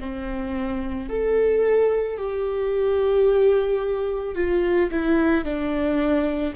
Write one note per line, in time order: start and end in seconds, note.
0.00 1.09 C4
1.09 2.17 A4
2.17 4.35 G4
4.35 4.90 F4
4.91 5.44 E4
5.44 6.54 D4